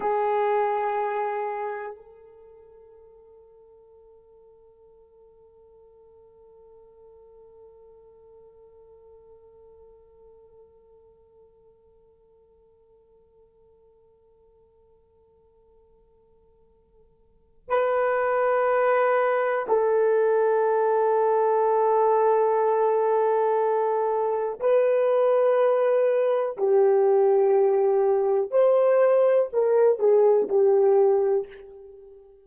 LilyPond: \new Staff \with { instrumentName = "horn" } { \time 4/4 \tempo 4 = 61 gis'2 a'2~ | a'1~ | a'1~ | a'1~ |
a'2 b'2 | a'1~ | a'4 b'2 g'4~ | g'4 c''4 ais'8 gis'8 g'4 | }